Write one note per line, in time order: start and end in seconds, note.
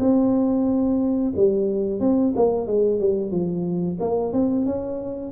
0.00 1.33 C4
1.36 2.00 G3
2.00 2.34 C4
2.36 2.67 A#3
2.67 3.00 G#3
3.00 3.32 G3
3.32 3.98 F3
4.00 4.33 A#3
4.33 4.66 C4
4.66 5.32 C#4